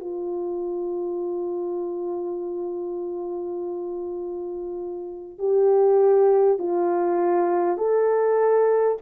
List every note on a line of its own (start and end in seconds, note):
0.00 5.39 F4
5.39 6.58 G4
6.58 7.77 F4
7.77 8.97 A4